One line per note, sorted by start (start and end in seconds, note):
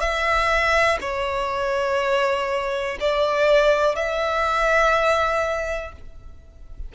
0.00 0.98 E5
1.01 2.98 C#5
3.00 3.95 D5
3.95 5.92 E5